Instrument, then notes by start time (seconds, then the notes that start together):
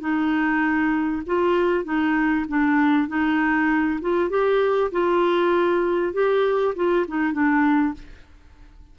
clarinet
0.00 D#4
1.26 F4
1.85 D#4
2.48 D4
3.08 D#4
4.01 F4
4.30 G4
4.92 F4
6.13 G4
6.75 F4
7.08 D#4
7.33 D4